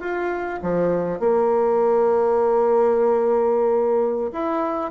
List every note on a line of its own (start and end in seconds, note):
0.00 0.60 F4
0.62 1.19 F3
1.19 4.31 A#3
4.32 4.91 E4